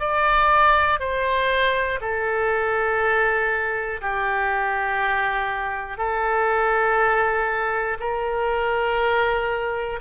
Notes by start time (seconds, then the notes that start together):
0.00 D5
1.00 C5
2.01 A4
4.01 G4
5.98 A4
8.00 A#4